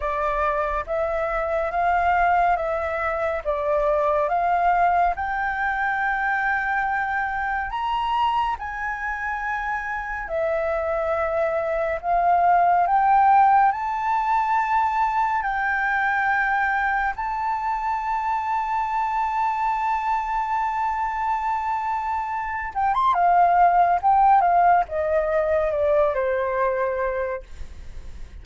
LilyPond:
\new Staff \with { instrumentName = "flute" } { \time 4/4 \tempo 4 = 70 d''4 e''4 f''4 e''4 | d''4 f''4 g''2~ | g''4 ais''4 gis''2 | e''2 f''4 g''4 |
a''2 g''2 | a''1~ | a''2~ a''8 g''16 c'''16 f''4 | g''8 f''8 dis''4 d''8 c''4. | }